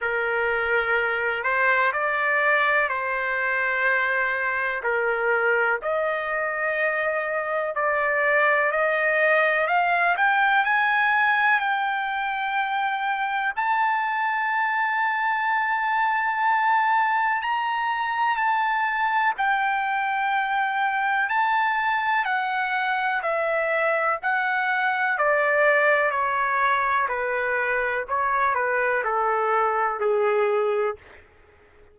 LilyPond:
\new Staff \with { instrumentName = "trumpet" } { \time 4/4 \tempo 4 = 62 ais'4. c''8 d''4 c''4~ | c''4 ais'4 dis''2 | d''4 dis''4 f''8 g''8 gis''4 | g''2 a''2~ |
a''2 ais''4 a''4 | g''2 a''4 fis''4 | e''4 fis''4 d''4 cis''4 | b'4 cis''8 b'8 a'4 gis'4 | }